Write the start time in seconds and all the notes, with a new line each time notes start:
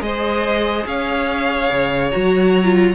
0.00 G#3 G#4 C5 D#5
0.86 C#4 C#5 F5
1.71 C#3
2.11 F#3 F#4 A#5
2.64 F4